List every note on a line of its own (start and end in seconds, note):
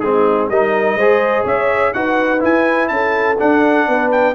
0.00 0.50 G#3
0.00 0.52 C4
0.00 0.50 D#4
0.00 0.48 G#4
0.50 0.95 G3
0.50 1.00 D#4
0.50 0.97 A#4
0.50 1.46 D#5
0.95 1.43 G#3
0.95 1.95 G#4
0.95 1.45 C5
1.45 1.94 C#4
1.45 1.93 C#5
1.45 1.94 E5
1.94 2.43 D#4
1.94 2.40 F#4
1.94 2.92 B4
1.94 2.42 F#5
2.40 3.36 E4
2.40 2.91 E4
2.40 2.88 G#5
2.88 3.39 C#4
2.88 3.88 A4
2.88 3.36 A5
3.39 4.35 D4
3.39 3.88 D4
3.39 4.12 F#5
3.88 4.35 B3
3.88 4.35 B4
4.12 4.35 G5